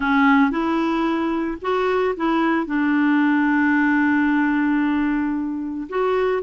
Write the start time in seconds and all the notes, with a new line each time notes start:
0.00 C#4
0.50 E4
1.61 F#4
2.16 E4
2.66 D4
5.89 F#4